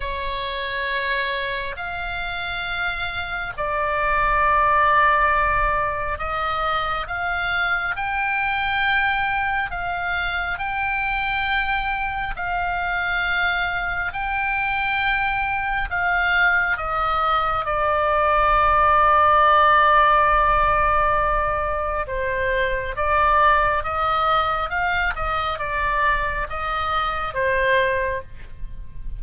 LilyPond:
\new Staff \with { instrumentName = "oboe" } { \time 4/4 \tempo 4 = 68 cis''2 f''2 | d''2. dis''4 | f''4 g''2 f''4 | g''2 f''2 |
g''2 f''4 dis''4 | d''1~ | d''4 c''4 d''4 dis''4 | f''8 dis''8 d''4 dis''4 c''4 | }